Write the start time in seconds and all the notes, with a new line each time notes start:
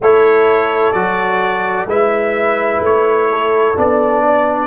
0.00 A3 E4 A4 C#5
0.92 F#3 F#4 D5
1.85 G#3 E4 B4 E5
2.79 A3 C#5
3.31 A4
3.75 B3 D4 D5
4.24 D5